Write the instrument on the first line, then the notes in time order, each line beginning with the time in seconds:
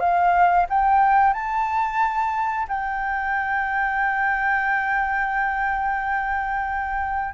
flute
0.00 F5
0.70 G5
1.34 A5
2.69 G5